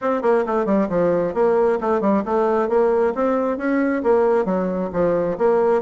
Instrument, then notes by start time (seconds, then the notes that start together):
bassoon
0.01 C4
0.22 A#3
0.46 A3
0.65 G3
0.89 F3
1.34 A#3
1.80 A3
2.00 G3
2.25 A3
2.68 A#3
3.14 C4
3.57 C#4
4.03 A#3
4.45 F#3
4.93 F3
5.38 A#3